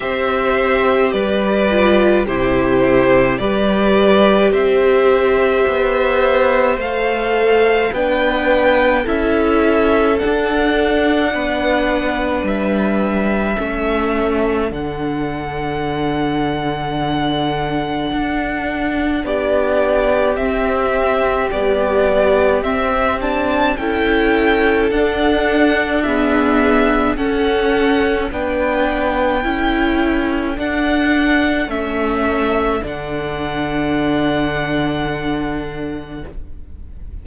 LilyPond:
<<
  \new Staff \with { instrumentName = "violin" } { \time 4/4 \tempo 4 = 53 e''4 d''4 c''4 d''4 | e''2 f''4 g''4 | e''4 fis''2 e''4~ | e''4 fis''2.~ |
fis''4 d''4 e''4 d''4 | e''8 a''8 g''4 fis''4 e''4 | fis''4 g''2 fis''4 | e''4 fis''2. | }
  \new Staff \with { instrumentName = "violin" } { \time 4/4 c''4 b'4 g'4 b'4 | c''2. b'4 | a'2 b'2 | a'1~ |
a'4 g'2.~ | g'4 a'2 gis'4 | a'4 b'4 a'2~ | a'1 | }
  \new Staff \with { instrumentName = "viola" } { \time 4/4 g'4. f'8 e'4 g'4~ | g'2 a'4 d'4 | e'4 d'2. | cis'4 d'2.~ |
d'2 c'4 g4 | c'8 d'8 e'4 d'4 b4 | cis'4 d'4 e'4 d'4 | cis'4 d'2. | }
  \new Staff \with { instrumentName = "cello" } { \time 4/4 c'4 g4 c4 g4 | c'4 b4 a4 b4 | cis'4 d'4 b4 g4 | a4 d2. |
d'4 b4 c'4 b4 | c'4 cis'4 d'2 | cis'4 b4 cis'4 d'4 | a4 d2. | }
>>